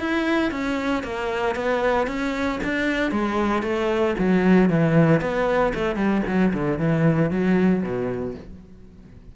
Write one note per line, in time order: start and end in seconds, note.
0.00 0.52 E4
0.52 1.04 C#4
1.04 1.56 A#3
1.56 2.08 B3
2.08 2.60 C#4
2.64 3.12 D4
3.12 3.63 G#3
3.63 4.15 A3
4.19 4.70 F#3
4.70 5.21 E3
5.21 5.73 B3
5.74 5.96 A3
5.96 6.22 G3
6.27 6.53 F#3
6.54 6.79 D3
6.79 7.31 E3
7.31 7.83 F#3
7.83 8.35 B2